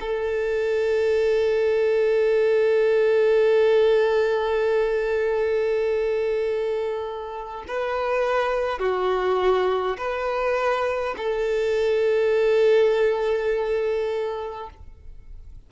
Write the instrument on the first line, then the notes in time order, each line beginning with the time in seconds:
violin
0.00 A4
7.67 B4
8.79 F#4
9.97 B4
11.17 A4